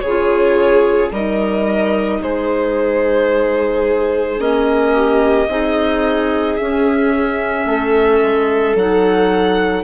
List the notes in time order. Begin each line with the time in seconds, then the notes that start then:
0.00 C#3 G#4 C#5
0.08 F4
1.11 G3 D#4 A#4 D#5
2.21 G#3 G#4 C5
4.38 A#3 C#4 D#5
4.95 G4
5.48 C4 D#4 G#4
6.57 C#4 E5
7.66 A3 A4
8.22 G#3
8.75 F#3 D#4 F#5